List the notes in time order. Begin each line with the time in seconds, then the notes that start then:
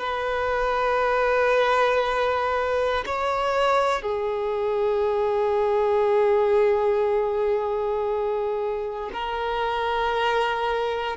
0.00 B4
3.06 C#5
4.02 G#4
9.14 A#4